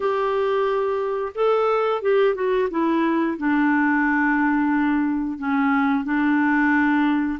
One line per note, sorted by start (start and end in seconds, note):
0.00 1.32 G4
1.35 2.02 A4
2.02 2.34 G4
2.34 2.68 F#4
2.70 3.37 E4
3.37 5.38 D4
5.38 6.04 C#4
6.04 7.39 D4